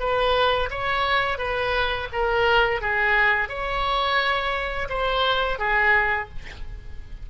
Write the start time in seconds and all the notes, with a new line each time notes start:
0.00 B4
0.71 C#5
1.39 B4
2.13 A#4
2.82 G#4
3.49 C#5
4.90 C5
5.59 G#4